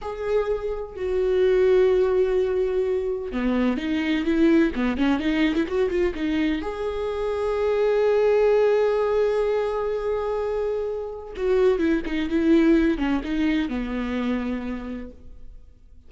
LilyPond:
\new Staff \with { instrumentName = "viola" } { \time 4/4 \tempo 4 = 127 gis'2 fis'2~ | fis'2. b4 | dis'4 e'4 b8 cis'8 dis'8. e'16 | fis'8 f'8 dis'4 gis'2~ |
gis'1~ | gis'1 | fis'4 e'8 dis'8 e'4. cis'8 | dis'4 b2. | }